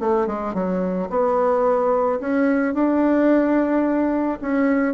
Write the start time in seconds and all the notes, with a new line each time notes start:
0.00 A3
0.27 G#3
0.54 F#3
1.09 B3
2.20 C#4
2.74 D4
4.41 C#4